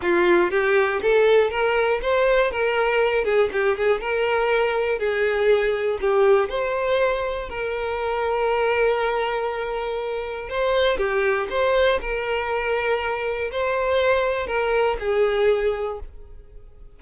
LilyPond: \new Staff \with { instrumentName = "violin" } { \time 4/4 \tempo 4 = 120 f'4 g'4 a'4 ais'4 | c''4 ais'4. gis'8 g'8 gis'8 | ais'2 gis'2 | g'4 c''2 ais'4~ |
ais'1~ | ais'4 c''4 g'4 c''4 | ais'2. c''4~ | c''4 ais'4 gis'2 | }